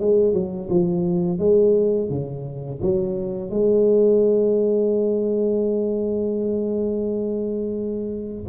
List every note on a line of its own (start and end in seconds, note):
0.00 0.34 G#3
0.34 0.69 F#3
0.70 1.39 F3
1.39 2.10 G#3
2.10 2.80 C#3
2.82 3.51 F#3
3.51 8.45 G#3